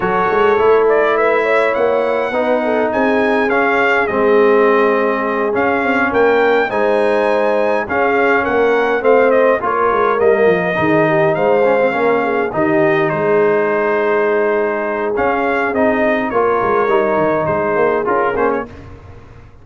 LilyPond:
<<
  \new Staff \with { instrumentName = "trumpet" } { \time 4/4 \tempo 4 = 103 cis''4. d''8 e''4 fis''4~ | fis''4 gis''4 f''4 dis''4~ | dis''4. f''4 g''4 gis''8~ | gis''4. f''4 fis''4 f''8 |
dis''8 cis''4 dis''2 f''8~ | f''4. dis''4 c''4.~ | c''2 f''4 dis''4 | cis''2 c''4 ais'8 c''16 cis''16 | }
  \new Staff \with { instrumentName = "horn" } { \time 4/4 a'2 b'8 cis''4. | b'8 a'8 gis'2.~ | gis'2~ gis'8 ais'4 c''8~ | c''4. gis'4 ais'4 c''8~ |
c''8 ais'2 gis'8 g'8 c''8~ | c''8 ais'8 gis'8 g'4 gis'4.~ | gis'1 | ais'2 gis'2 | }
  \new Staff \with { instrumentName = "trombone" } { \time 4/4 fis'4 e'2. | dis'2 cis'4 c'4~ | c'4. cis'2 dis'8~ | dis'4. cis'2 c'8~ |
c'8 f'4 ais4 dis'4. | cis'16 c'16 cis'4 dis'2~ dis'8~ | dis'2 cis'4 dis'4 | f'4 dis'2 f'8 cis'8 | }
  \new Staff \with { instrumentName = "tuba" } { \time 4/4 fis8 gis8 a2 ais4 | b4 c'4 cis'4 gis4~ | gis4. cis'8 c'8 ais4 gis8~ | gis4. cis'4 ais4 a8~ |
a8 ais8 gis8 g8 f8 dis4 gis8~ | gis8 ais4 dis4 gis4.~ | gis2 cis'4 c'4 | ais8 gis8 g8 dis8 gis8 ais8 cis'8 ais8 | }
>>